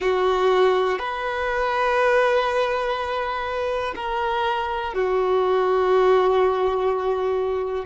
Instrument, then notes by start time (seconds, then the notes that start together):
violin
0.00 F#4
0.98 B4
3.95 A#4
4.94 F#4